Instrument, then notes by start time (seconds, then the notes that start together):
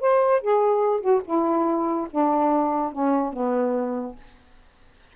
saxophone
0.00 C5
0.41 G#4
1.01 F#4
1.25 E4
2.11 D4
2.92 C#4
3.33 B3